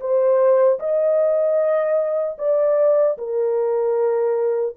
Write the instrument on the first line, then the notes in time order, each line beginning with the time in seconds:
horn
0.00 C5
0.79 D#5
2.38 D5
3.18 A#4